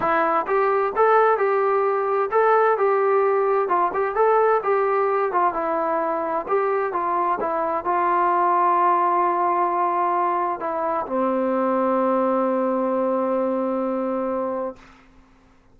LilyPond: \new Staff \with { instrumentName = "trombone" } { \time 4/4 \tempo 4 = 130 e'4 g'4 a'4 g'4~ | g'4 a'4 g'2 | f'8 g'8 a'4 g'4. f'8 | e'2 g'4 f'4 |
e'4 f'2.~ | f'2. e'4 | c'1~ | c'1 | }